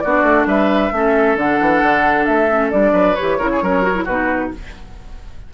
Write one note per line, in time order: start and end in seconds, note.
0.00 0.23 B3
0.00 0.93 D4
0.00 0.48 F#4
0.00 0.45 D5
0.23 0.45 A3
0.46 0.91 G3
0.46 0.93 B4
0.46 1.38 E5
0.92 1.36 A3
0.92 1.38 C#4
0.92 2.93 A4
1.36 1.59 D3
1.36 2.50 D4
1.36 2.26 F#5
1.61 1.82 E3
1.82 2.27 D3
2.26 2.73 A3
2.26 2.71 E5
2.50 2.71 C#4
2.71 2.93 G3
2.71 3.16 D4
2.71 3.15 D5
2.93 3.15 F#3
2.93 3.37 B4
3.15 3.40 G4
3.15 4.05 C#5
3.22 3.39 E3
3.39 3.61 C#3
3.39 3.62 E4
3.39 3.50 A#4
3.52 3.63 G#4
3.62 4.07 F#3
3.62 3.83 C#4
3.62 4.05 A#4
3.83 3.94 F#4
3.95 4.06 E4
4.05 4.51 B2
4.05 4.54 D#4
4.05 4.50 F#4
4.05 4.52 B4